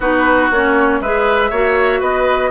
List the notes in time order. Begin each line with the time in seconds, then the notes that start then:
0.00 B3 D#4 F#4 B4
0.50 A#3 C#4 C#5
1.00 G#3 G#4 B4 E5
1.50 A#3 F#4 C#5
2.00 B3 B4 D#5